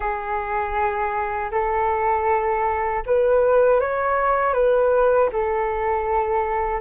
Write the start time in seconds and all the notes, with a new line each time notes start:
0.00 G#4
1.51 A4
3.06 B4
3.80 C#5
4.53 B4
5.32 A4